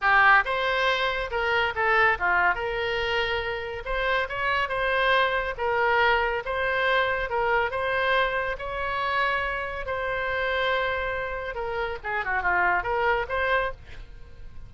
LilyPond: \new Staff \with { instrumentName = "oboe" } { \time 4/4 \tempo 4 = 140 g'4 c''2 ais'4 | a'4 f'4 ais'2~ | ais'4 c''4 cis''4 c''4~ | c''4 ais'2 c''4~ |
c''4 ais'4 c''2 | cis''2. c''4~ | c''2. ais'4 | gis'8 fis'8 f'4 ais'4 c''4 | }